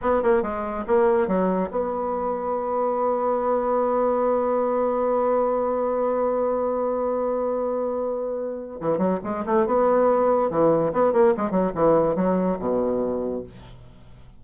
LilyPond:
\new Staff \with { instrumentName = "bassoon" } { \time 4/4 \tempo 4 = 143 b8 ais8 gis4 ais4 fis4 | b1~ | b1~ | b1~ |
b1~ | b4 e8 fis8 gis8 a8 b4~ | b4 e4 b8 ais8 gis8 fis8 | e4 fis4 b,2 | }